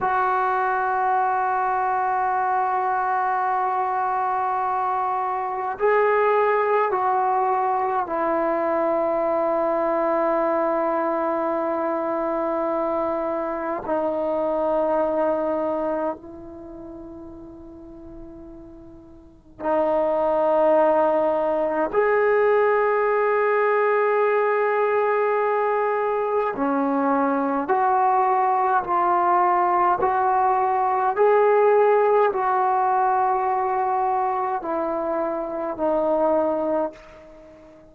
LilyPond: \new Staff \with { instrumentName = "trombone" } { \time 4/4 \tempo 4 = 52 fis'1~ | fis'4 gis'4 fis'4 e'4~ | e'1 | dis'2 e'2~ |
e'4 dis'2 gis'4~ | gis'2. cis'4 | fis'4 f'4 fis'4 gis'4 | fis'2 e'4 dis'4 | }